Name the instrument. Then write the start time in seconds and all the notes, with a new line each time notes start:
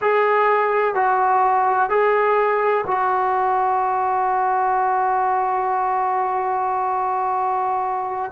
trombone
0.01 G#4
0.94 F#4
1.89 G#4
2.87 F#4